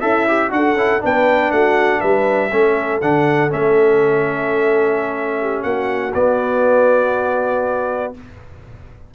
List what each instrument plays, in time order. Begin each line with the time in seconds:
0.00 tuba C#4, horn E4, trombone A4, trumpet E5
0.27 trombone G4
0.50 tuba D4, trombone F#4, horn A4, trumpet F#5
0.74 tuba C#4, trombone E4
0.99 tuba B3, trombone D4, horn B4, trumpet G5
1.51 tuba A3, horn F#4, trumpet F#5
1.99 tuba G3, horn B4, trumpet E5
2.51 tuba A3, trombone C#4, horn A4
3.01 tuba D3, trombone D4, trumpet F#5
3.49 tuba A3, trombone C#4, trumpet E5
5.40 horn G4
5.63 tuba A#3, horn F#4, trumpet F#5
6.13 trombone B3, tuba B3, trumpet D5